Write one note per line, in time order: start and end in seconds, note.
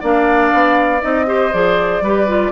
0.00 0.53 A#3
0.00 1.01 D4
0.00 1.26 D5
0.00 1.03 F5
0.53 1.03 B3
1.01 1.53 C4
1.01 1.26 D#4
1.01 1.53 D#5
1.26 1.51 G4
1.26 2.03 C5
1.52 2.01 F3
1.52 2.03 G#4
1.52 2.52 D5
2.01 2.51 G3
2.01 2.27 G4
2.01 2.52 B4
2.27 2.52 F4